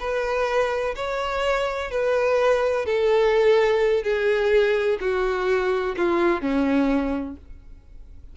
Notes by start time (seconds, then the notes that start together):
0.00 B4
0.96 C#5
1.91 B4
2.86 A4
4.04 G#4
5.01 F#4
5.97 F4
6.42 C#4